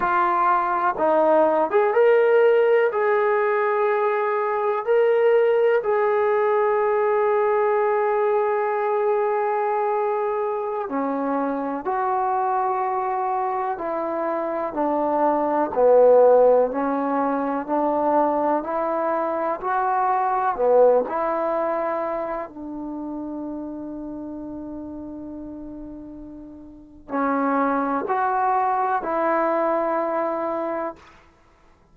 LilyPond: \new Staff \with { instrumentName = "trombone" } { \time 4/4 \tempo 4 = 62 f'4 dis'8. gis'16 ais'4 gis'4~ | gis'4 ais'4 gis'2~ | gis'2.~ gis'16 cis'8.~ | cis'16 fis'2 e'4 d'8.~ |
d'16 b4 cis'4 d'4 e'8.~ | e'16 fis'4 b8 e'4. d'8.~ | d'1 | cis'4 fis'4 e'2 | }